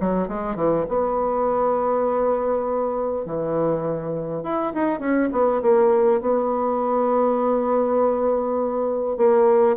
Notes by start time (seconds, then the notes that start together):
0.00 F#3
0.28 G#3
0.56 E3
0.89 B3
3.26 E3
4.43 E4
4.74 D#4
5.00 C#4
5.32 B3
5.62 A#3
6.21 B3
9.17 A#3